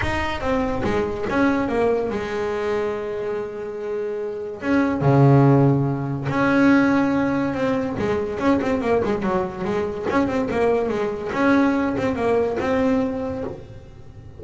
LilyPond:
\new Staff \with { instrumentName = "double bass" } { \time 4/4 \tempo 4 = 143 dis'4 c'4 gis4 cis'4 | ais4 gis2.~ | gis2. cis'4 | cis2. cis'4~ |
cis'2 c'4 gis4 | cis'8 c'8 ais8 gis8 fis4 gis4 | cis'8 c'8 ais4 gis4 cis'4~ | cis'8 c'8 ais4 c'2 | }